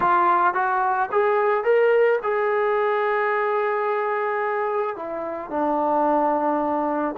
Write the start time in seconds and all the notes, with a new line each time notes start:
0.00 F4
0.54 F#4
1.11 G#4
1.64 A#4
2.22 G#4
4.95 E4
5.50 D4